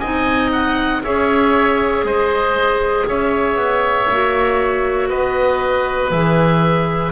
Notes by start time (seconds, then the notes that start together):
0.00 C4 D#4 D#5 G#5
0.53 F#5
1.04 C#4 G#4 C#5 E5
2.04 G#3 C5 D#5
3.07 C#4 C#5 E5
3.56 B3
4.11 A#3 F#4
5.10 B3 B4 D#5
6.11 E3 G#4 E5